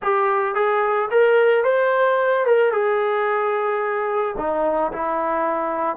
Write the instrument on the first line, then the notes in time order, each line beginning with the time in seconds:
trombone
0.02 G4
0.55 G#4
1.10 A#4
1.64 C5
2.46 A#4
2.71 G#4
4.37 D#4
4.92 E4